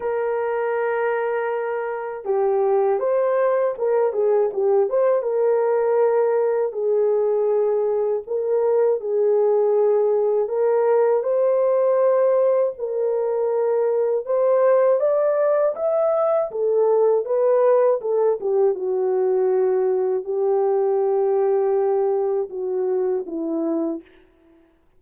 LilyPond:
\new Staff \with { instrumentName = "horn" } { \time 4/4 \tempo 4 = 80 ais'2. g'4 | c''4 ais'8 gis'8 g'8 c''8 ais'4~ | ais'4 gis'2 ais'4 | gis'2 ais'4 c''4~ |
c''4 ais'2 c''4 | d''4 e''4 a'4 b'4 | a'8 g'8 fis'2 g'4~ | g'2 fis'4 e'4 | }